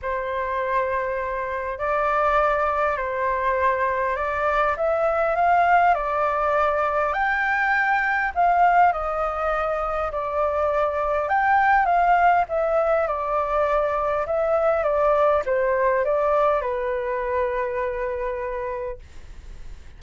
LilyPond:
\new Staff \with { instrumentName = "flute" } { \time 4/4 \tempo 4 = 101 c''2. d''4~ | d''4 c''2 d''4 | e''4 f''4 d''2 | g''2 f''4 dis''4~ |
dis''4 d''2 g''4 | f''4 e''4 d''2 | e''4 d''4 c''4 d''4 | b'1 | }